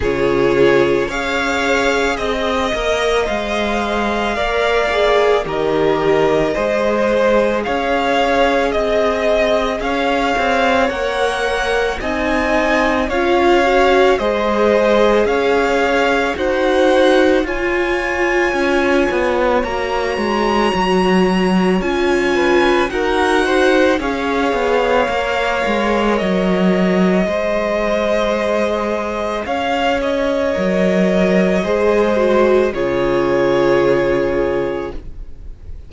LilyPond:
<<
  \new Staff \with { instrumentName = "violin" } { \time 4/4 \tempo 4 = 55 cis''4 f''4 dis''4 f''4~ | f''4 dis''2 f''4 | dis''4 f''4 fis''4 gis''4 | f''4 dis''4 f''4 fis''4 |
gis''2 ais''2 | gis''4 fis''4 f''2 | dis''2. f''8 dis''8~ | dis''2 cis''2 | }
  \new Staff \with { instrumentName = "violin" } { \time 4/4 gis'4 cis''4 dis''2 | d''4 ais'4 c''4 cis''4 | dis''4 cis''2 dis''4 | cis''4 c''4 cis''4 c''4 |
cis''1~ | cis''8 b'8 ais'8 c''8 cis''2~ | cis''4 c''2 cis''4~ | cis''4 c''4 gis'2 | }
  \new Staff \with { instrumentName = "viola" } { \time 4/4 f'4 gis'4. ais'8 c''4 | ais'8 gis'8 g'4 gis'2~ | gis'2 ais'4 dis'4 | f'8 fis'8 gis'2 fis'4 |
f'2 fis'2 | f'4 fis'4 gis'4 ais'4~ | ais'4 gis'2. | ais'4 gis'8 fis'8 f'2 | }
  \new Staff \with { instrumentName = "cello" } { \time 4/4 cis4 cis'4 c'8 ais8 gis4 | ais4 dis4 gis4 cis'4 | c'4 cis'8 c'8 ais4 c'4 | cis'4 gis4 cis'4 dis'4 |
f'4 cis'8 b8 ais8 gis8 fis4 | cis'4 dis'4 cis'8 b8 ais8 gis8 | fis4 gis2 cis'4 | fis4 gis4 cis2 | }
>>